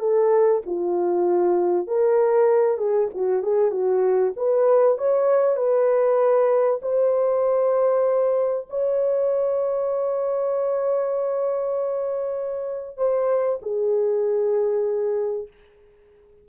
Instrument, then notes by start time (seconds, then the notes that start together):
horn
0.00 A4
0.66 F4
1.88 A#4
2.78 G#4
3.14 F#4
3.43 G#4
3.72 F#4
4.37 B4
4.98 C#5
5.57 B4
6.82 C5
8.70 C#5
12.98 C5
13.62 G#4